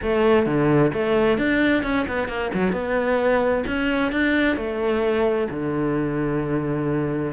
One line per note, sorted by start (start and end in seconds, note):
0.02 0.46 A3
0.46 0.91 D3
0.93 1.37 A3
1.37 1.83 D4
1.83 2.06 C#4
2.07 2.28 B3
2.28 2.51 A#3
2.53 2.72 F#3
2.72 3.63 B3
3.67 4.12 C#4
4.12 4.56 D4
4.56 5.48 A3
5.50 7.32 D3